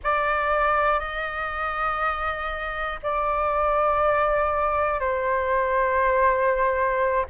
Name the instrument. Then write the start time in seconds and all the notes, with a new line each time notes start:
flute
0.03 D5
1.00 D#5
3.03 D5
5.00 C5